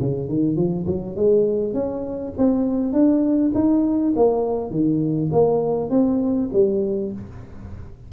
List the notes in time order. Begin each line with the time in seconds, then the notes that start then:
0.00 C#3
0.28 D#3
0.56 F3
0.86 F#3
1.16 G#3
1.74 C#4
2.38 C4
2.93 D4
3.55 D#4
4.16 A#3
4.71 D#3
5.32 A#3
5.90 C4
6.53 G3